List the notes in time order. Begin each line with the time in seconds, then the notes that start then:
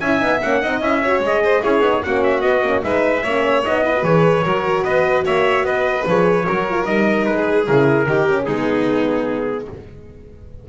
0.00 C#4 E4 E5 G#5
0.19 B3 D#4
0.42 A#3 C#4 F#5
0.62 C4 D#4 D#5
0.81 C#4 E4 E5
1.03 F#4 C#5
1.19 G#3 G#4
1.26 D#5
1.43 C5
1.62 C#4 E4 G#4 C#5
1.80 B3 D#4
2.03 A#3 C#4 F#4 F#5
2.24 E5
2.41 B3 D#5
2.62 A#3 C#4
2.81 G#3 D#4 B4 E5
3.23 A#3 C#4 C#5
3.64 B3 D#4 D#5
3.84 E4 B4
3.96 F#4
4.03 E3 G#4 C#5
4.43 F#3 F#4 A#4
4.84 B3 B4 D#5
5.25 A#3 C#5 E5
5.63 B3 B4 D#5
6.06 F3 G#4 C#5
6.44 F#3 F#4 A#4
6.70 F4
6.85 G3 D#4 D#5
7.25 G#3 B4
7.36 G#4
7.68 C#3 E4 A#4
8.06 D#3 D#4 G4
8.29 C#4
8.45 G#3 B3 D#4 G#4